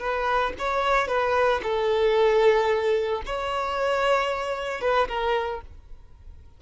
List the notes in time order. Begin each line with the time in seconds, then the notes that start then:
0.00 B4
0.59 C#5
1.08 B4
1.63 A4
3.26 C#5
4.81 B4
5.09 A#4